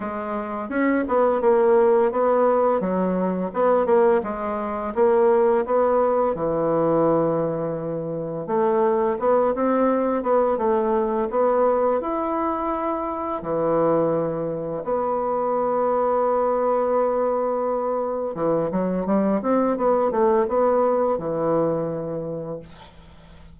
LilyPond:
\new Staff \with { instrumentName = "bassoon" } { \time 4/4 \tempo 4 = 85 gis4 cis'8 b8 ais4 b4 | fis4 b8 ais8 gis4 ais4 | b4 e2. | a4 b8 c'4 b8 a4 |
b4 e'2 e4~ | e4 b2.~ | b2 e8 fis8 g8 c'8 | b8 a8 b4 e2 | }